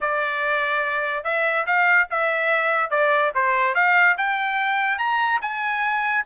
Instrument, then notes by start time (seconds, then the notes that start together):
trumpet
0.01 D5
1.24 E5
1.66 F5
2.10 E5
2.90 D5
3.34 C5
3.74 F5
4.17 G5
4.98 A#5
5.41 G#5